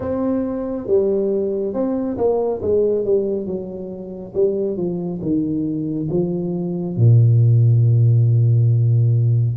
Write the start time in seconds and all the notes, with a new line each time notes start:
0.00 C4
0.87 G3
1.73 C4
2.17 A#3
2.62 G#3
3.04 G3
3.46 F#3
4.34 G3
4.76 F3
5.21 D#3
6.10 F3
6.96 A#2